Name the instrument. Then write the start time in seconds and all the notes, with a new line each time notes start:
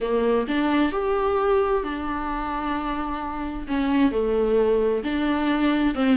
viola
0.00 A#3
0.47 D4
0.92 G4
1.83 D4
3.67 C#4
4.11 A3
5.03 D4
5.94 C4